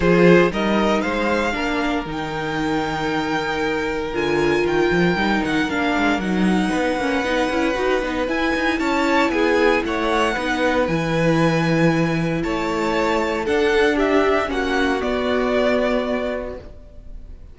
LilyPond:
<<
  \new Staff \with { instrumentName = "violin" } { \time 4/4 \tempo 4 = 116 c''4 dis''4 f''2 | g''1 | gis''4 g''4. fis''8 f''4 | fis''1 |
gis''4 a''4 gis''4 fis''4~ | fis''4 gis''2. | a''2 fis''4 e''4 | fis''4 d''2. | }
  \new Staff \with { instrumentName = "violin" } { \time 4/4 gis'4 ais'4 c''4 ais'4~ | ais'1~ | ais'1~ | ais'4 b'2.~ |
b'4 cis''4 gis'4 cis''4 | b'1 | cis''2 a'4 g'4 | fis'1 | }
  \new Staff \with { instrumentName = "viola" } { \time 4/4 f'4 dis'2 d'4 | dis'1 | f'2 dis'4 d'4 | dis'4. cis'8 dis'8 e'8 fis'8 dis'8 |
e'1 | dis'4 e'2.~ | e'2 d'2 | cis'4 b2. | }
  \new Staff \with { instrumentName = "cello" } { \time 4/4 f4 g4 gis4 ais4 | dis1 | d4 dis8 f8 g8 dis8 ais8 gis8 | fis4 b8 ais8 b8 cis'8 dis'8 b8 |
e'8 dis'8 cis'4 b4 a4 | b4 e2. | a2 d'2 | ais4 b2. | }
>>